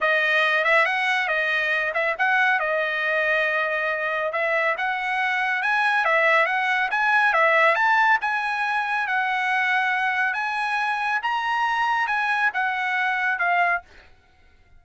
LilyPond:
\new Staff \with { instrumentName = "trumpet" } { \time 4/4 \tempo 4 = 139 dis''4. e''8 fis''4 dis''4~ | dis''8 e''8 fis''4 dis''2~ | dis''2 e''4 fis''4~ | fis''4 gis''4 e''4 fis''4 |
gis''4 e''4 a''4 gis''4~ | gis''4 fis''2. | gis''2 ais''2 | gis''4 fis''2 f''4 | }